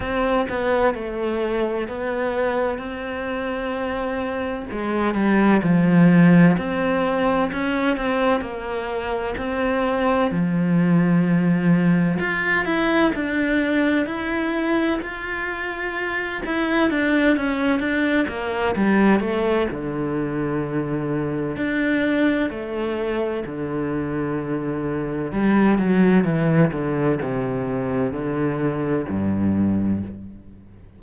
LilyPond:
\new Staff \with { instrumentName = "cello" } { \time 4/4 \tempo 4 = 64 c'8 b8 a4 b4 c'4~ | c'4 gis8 g8 f4 c'4 | cis'8 c'8 ais4 c'4 f4~ | f4 f'8 e'8 d'4 e'4 |
f'4. e'8 d'8 cis'8 d'8 ais8 | g8 a8 d2 d'4 | a4 d2 g8 fis8 | e8 d8 c4 d4 g,4 | }